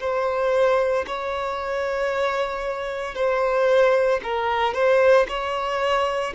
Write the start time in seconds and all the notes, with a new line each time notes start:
0.00 C5
1.07 C#5
3.15 C5
4.23 A#4
4.74 C5
5.28 C#5